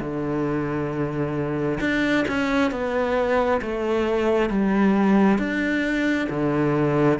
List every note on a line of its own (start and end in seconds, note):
0.00 1.79 D3
1.80 2.25 D4
2.28 2.71 C#4
2.71 3.61 B3
3.61 4.49 A3
4.49 5.39 G3
5.39 6.28 D4
6.29 7.19 D3